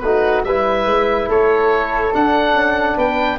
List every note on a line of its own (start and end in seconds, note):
0.00 0.45 A3
0.00 0.46 D#4
0.00 0.45 F#4
0.00 0.42 B4
0.45 0.86 G3
0.45 2.13 E4
0.45 1.29 B4
0.45 1.29 E5
0.86 1.28 G#3
1.28 2.13 A3
1.28 2.96 A4
1.28 2.15 C#5
2.13 3.39 D4
2.13 2.53 D4
2.13 2.99 F#5
2.53 2.96 C#4
2.96 3.39 B3
2.96 3.38 B4
2.96 3.39 G5